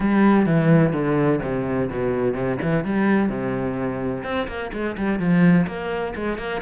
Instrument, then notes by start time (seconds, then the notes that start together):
cello
0.00 G3
0.46 E3
0.93 D3
1.42 C3
1.90 B2
2.34 C3
2.62 E3
2.84 G3
3.29 C3
4.23 C4
4.47 A#3
4.72 G#3
4.97 G3
5.19 F3
5.66 A#3
6.15 G#3
6.38 A#3